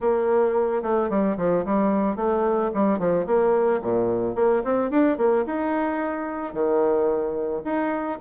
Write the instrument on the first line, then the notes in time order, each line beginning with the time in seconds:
bassoon
0.00 A#3
0.82 A3
1.09 G3
1.37 F3
1.65 G3
2.16 A3
2.73 G3
2.99 F3
3.26 A#3
3.81 A#2
4.35 A#3
4.64 C4
4.90 D4
5.17 A#3
5.46 D#4
6.53 D#3
7.64 D#4